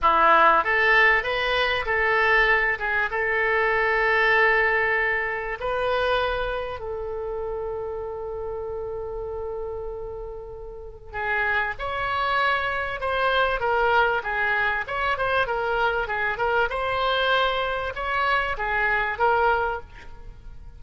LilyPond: \new Staff \with { instrumentName = "oboe" } { \time 4/4 \tempo 4 = 97 e'4 a'4 b'4 a'4~ | a'8 gis'8 a'2.~ | a'4 b'2 a'4~ | a'1~ |
a'2 gis'4 cis''4~ | cis''4 c''4 ais'4 gis'4 | cis''8 c''8 ais'4 gis'8 ais'8 c''4~ | c''4 cis''4 gis'4 ais'4 | }